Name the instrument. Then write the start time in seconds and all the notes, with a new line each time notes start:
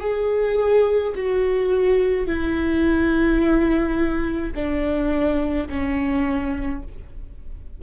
viola
0.00 G#4
1.15 F#4
2.27 E4
4.55 D4
5.69 C#4